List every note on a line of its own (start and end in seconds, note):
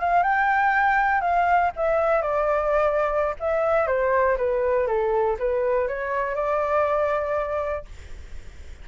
0.00 0.23 F5
0.23 1.21 G5
1.21 1.71 F5
1.77 2.22 E5
2.22 3.35 D5
3.40 3.88 E5
3.88 4.38 C5
4.38 4.88 B4
4.88 5.38 A4
5.40 5.88 B4
5.88 6.35 C#5
6.35 7.85 D5